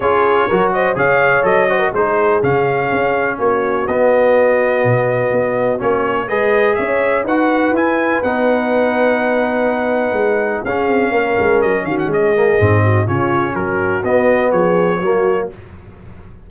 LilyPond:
<<
  \new Staff \with { instrumentName = "trumpet" } { \time 4/4 \tempo 4 = 124 cis''4. dis''8 f''4 dis''4 | c''4 f''2 cis''4 | dis''1 | cis''4 dis''4 e''4 fis''4 |
gis''4 fis''2.~ | fis''2 f''2 | dis''8 f''16 fis''16 dis''2 cis''4 | ais'4 dis''4 cis''2 | }
  \new Staff \with { instrumentName = "horn" } { \time 4/4 gis'4 ais'8 c''8 cis''4. c''16 ais'16 | gis'2. fis'4~ | fis'1~ | fis'4 b'4 cis''4 b'4~ |
b'1~ | b'2 gis'4 ais'4~ | ais'8 fis'8 gis'4. fis'8 f'4 | fis'2 gis'4 fis'4 | }
  \new Staff \with { instrumentName = "trombone" } { \time 4/4 f'4 fis'4 gis'4 a'8 fis'8 | dis'4 cis'2. | b1 | cis'4 gis'2 fis'4 |
e'4 dis'2.~ | dis'2 cis'2~ | cis'4. ais8 c'4 cis'4~ | cis'4 b2 ais4 | }
  \new Staff \with { instrumentName = "tuba" } { \time 4/4 cis'4 fis4 cis4 fis4 | gis4 cis4 cis'4 ais4 | b2 b,4 b4 | ais4 gis4 cis'4 dis'4 |
e'4 b2.~ | b4 gis4 cis'8 c'8 ais8 gis8 | fis8 dis8 gis4 gis,4 cis4 | fis4 b4 f4 fis4 | }
>>